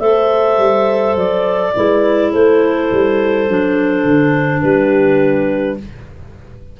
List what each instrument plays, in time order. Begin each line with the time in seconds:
0.00 tuba A3, clarinet A4 E5, horn C5
0.58 tuba G3
1.16 tuba F#3, clarinet D5
1.76 tuba G#3, clarinet E4, horn B4
2.32 tuba A3, horn A4, clarinet C5
2.92 tuba G3
3.49 tuba F#3, clarinet D4
4.04 tuba D3
4.62 tuba G3, horn G4, clarinet B4